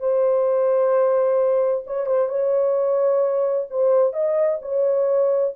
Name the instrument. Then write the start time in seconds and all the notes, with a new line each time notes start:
horn
0.00 C5
1.87 C#5
2.07 C5
2.29 C#5
3.70 C5
4.13 D#5
4.62 C#5